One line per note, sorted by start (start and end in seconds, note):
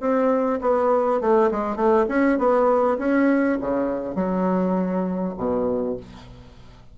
0.00 0.59 C4
0.61 1.20 B3
1.20 1.50 A3
1.51 1.76 G#3
1.76 2.05 A3
2.08 2.38 C#4
2.38 2.97 B3
2.98 3.58 C#4
3.61 4.15 C#3
4.15 5.34 F#3
5.37 5.96 B2